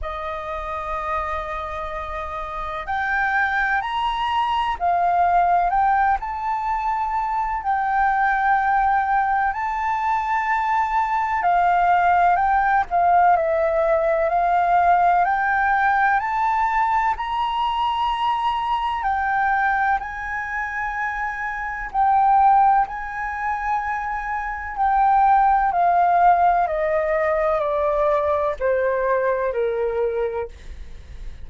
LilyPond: \new Staff \with { instrumentName = "flute" } { \time 4/4 \tempo 4 = 63 dis''2. g''4 | ais''4 f''4 g''8 a''4. | g''2 a''2 | f''4 g''8 f''8 e''4 f''4 |
g''4 a''4 ais''2 | g''4 gis''2 g''4 | gis''2 g''4 f''4 | dis''4 d''4 c''4 ais'4 | }